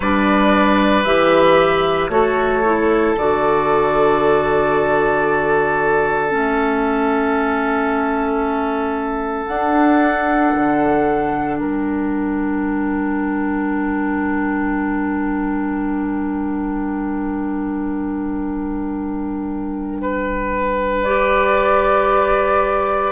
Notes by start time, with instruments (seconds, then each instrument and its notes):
0.00 bassoon G3, clarinet D4, oboe B4, flute D5
1.04 bassoon E3, clarinet G4, flute E5
2.09 bassoon A3, clarinet F#4, oboe A4, flute C#5
2.64 clarinet E4
3.17 bassoon D3, clarinet F#4, flute D5
6.29 bassoon A3, clarinet C#4, flute E5
9.47 bassoon D4, clarinet D4, flute F#5
10.55 bassoon D3
11.57 bassoon G3, oboe A#4, flute G5
20.01 oboe B4
21.03 clarinet G4, flute D5